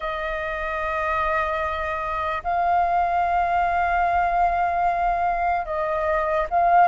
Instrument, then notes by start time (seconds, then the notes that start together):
flute
0.00 D#5
2.43 F5
5.65 D#5
6.49 F5